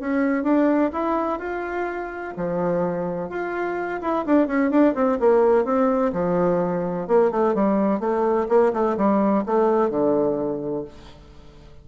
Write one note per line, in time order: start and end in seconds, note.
0.00 0.44 C#4
0.44 0.91 D4
0.93 1.39 E4
1.39 2.34 F4
2.37 3.29 F3
3.29 4.00 F4
4.02 4.25 E4
4.26 4.47 D4
4.47 4.71 C#4
4.71 4.94 D4
4.95 5.18 C4
5.20 5.65 A#3
5.65 6.12 C4
6.13 7.07 F3
7.07 7.31 A#3
7.31 7.55 A3
7.55 8.00 G3
8.00 8.47 A3
8.49 8.73 A#3
8.73 8.97 A3
8.97 9.44 G3
9.46 9.90 A3
9.90 10.84 D3